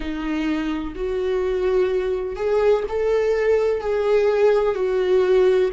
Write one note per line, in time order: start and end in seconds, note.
0.00 0.93 D#4
0.95 2.35 F#4
2.35 2.83 G#4
2.88 3.81 A4
3.81 4.75 G#4
4.75 5.70 F#4